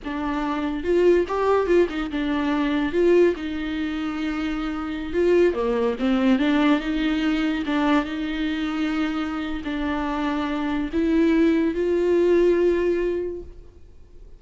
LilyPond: \new Staff \with { instrumentName = "viola" } { \time 4/4 \tempo 4 = 143 d'2 f'4 g'4 | f'8 dis'8 d'2 f'4 | dis'1~ | dis'16 f'4 ais4 c'4 d'8.~ |
d'16 dis'2 d'4 dis'8.~ | dis'2. d'4~ | d'2 e'2 | f'1 | }